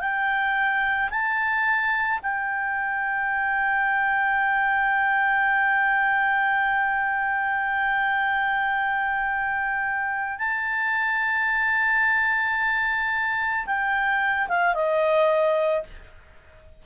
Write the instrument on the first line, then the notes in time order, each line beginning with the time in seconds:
clarinet
0.00 G5
1.10 A5
2.23 G5
10.39 A5
13.66 G5
14.48 F5
14.74 D#5